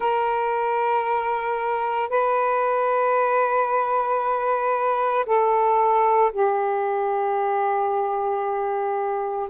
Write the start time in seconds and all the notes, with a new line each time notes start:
0.00 A#4
2.09 B4
5.26 A4
6.33 G4